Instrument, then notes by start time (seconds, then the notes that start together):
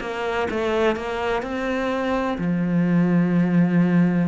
cello
0.00 A#3
0.50 A3
0.96 A#3
1.42 C4
2.38 F3